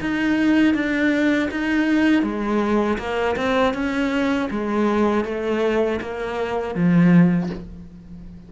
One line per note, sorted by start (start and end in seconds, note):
0.00 0.74 D#4
0.74 1.49 D4
1.50 2.22 D#4
2.22 2.97 G#3
2.98 3.35 A#3
3.36 3.73 C4
3.74 4.49 C#4
4.50 5.24 G#3
5.24 5.99 A3
6.01 6.74 A#3
6.74 7.49 F3